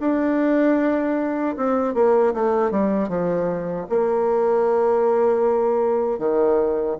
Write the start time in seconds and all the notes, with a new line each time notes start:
0.00 D4
1.56 C4
1.94 A#3
2.34 A3
2.71 G3
3.09 F3
3.89 A#3
6.19 D#3